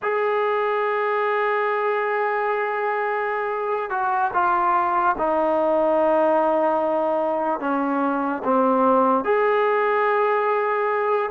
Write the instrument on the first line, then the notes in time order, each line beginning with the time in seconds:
trombone
0.02 G#4
3.90 F#4
4.33 F4
5.17 D#4
7.60 C#4
8.44 C4
9.24 G#4